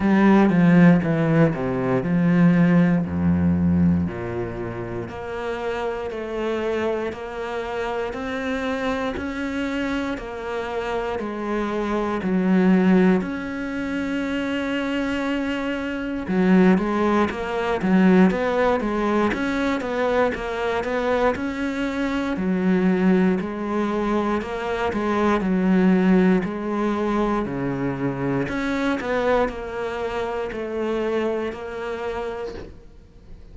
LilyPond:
\new Staff \with { instrumentName = "cello" } { \time 4/4 \tempo 4 = 59 g8 f8 e8 c8 f4 f,4 | ais,4 ais4 a4 ais4 | c'4 cis'4 ais4 gis4 | fis4 cis'2. |
fis8 gis8 ais8 fis8 b8 gis8 cis'8 b8 | ais8 b8 cis'4 fis4 gis4 | ais8 gis8 fis4 gis4 cis4 | cis'8 b8 ais4 a4 ais4 | }